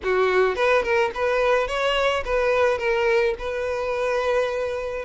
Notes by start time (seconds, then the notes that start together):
0.03 F#4
0.55 B4
0.83 A#4
1.14 B4
1.67 C#5
2.24 B4
2.78 A#4
3.38 B4